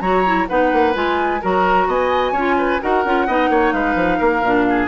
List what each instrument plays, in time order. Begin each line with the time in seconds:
0.00 bassoon F#3, clarinet F#4, oboe C#5, flute A#5
0.25 clarinet E4
0.48 bassoon B3, clarinet D#4, oboe B4, flute F#5
0.72 bassoon A#3
0.94 bassoon G#3, clarinet F4, flute G#5
1.41 bassoon F#3, clarinet F#4, oboe A#4, flute A#5
1.87 bassoon B3, oboe D#5, flute G#5
2.32 bassoon C#4, clarinet F4, oboe C#5
2.58 oboe B4
2.81 bassoon D#4, clarinet F#4, oboe A#4, flute F#5
3.05 bassoon C#4, clarinet F4
3.26 bassoon B3, clarinet D#4, oboe D#5
3.49 bassoon A#3, oboe C#5
3.72 bassoon G#3, oboe B4, flute F5
3.95 bassoon F3
4.18 bassoon A#3, oboe A#4
4.42 bassoon A#2, clarinet D4
4.69 oboe G#4